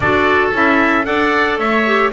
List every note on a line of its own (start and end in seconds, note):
0.00 0.50 D4
0.00 0.53 F#4
0.00 1.07 A4
0.00 0.51 D5
0.52 1.05 C#4
0.52 1.03 E4
0.52 1.05 E5
1.03 1.58 D4
1.03 1.83 A4
1.03 1.59 D5
1.03 1.58 F#5
1.58 2.11 A3
1.58 2.12 C#5
1.58 2.12 E5
1.86 2.12 G4